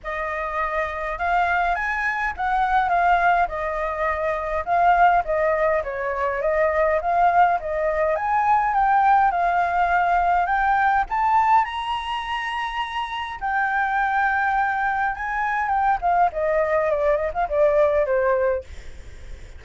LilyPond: \new Staff \with { instrumentName = "flute" } { \time 4/4 \tempo 4 = 103 dis''2 f''4 gis''4 | fis''4 f''4 dis''2 | f''4 dis''4 cis''4 dis''4 | f''4 dis''4 gis''4 g''4 |
f''2 g''4 a''4 | ais''2. g''4~ | g''2 gis''4 g''8 f''8 | dis''4 d''8 dis''16 f''16 d''4 c''4 | }